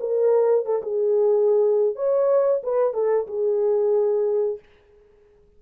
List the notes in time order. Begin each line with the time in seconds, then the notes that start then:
0.00 A#4
0.66 A4
0.83 G#4
1.96 C#5
2.63 B4
2.94 A4
3.27 G#4